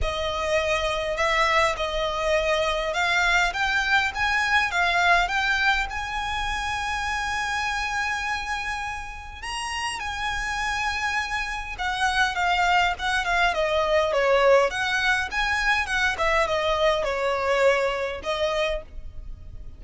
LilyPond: \new Staff \with { instrumentName = "violin" } { \time 4/4 \tempo 4 = 102 dis''2 e''4 dis''4~ | dis''4 f''4 g''4 gis''4 | f''4 g''4 gis''2~ | gis''1 |
ais''4 gis''2. | fis''4 f''4 fis''8 f''8 dis''4 | cis''4 fis''4 gis''4 fis''8 e''8 | dis''4 cis''2 dis''4 | }